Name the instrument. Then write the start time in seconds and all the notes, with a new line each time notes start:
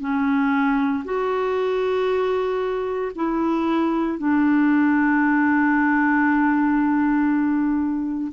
clarinet
0.00 C#4
1.04 F#4
3.16 E4
4.18 D4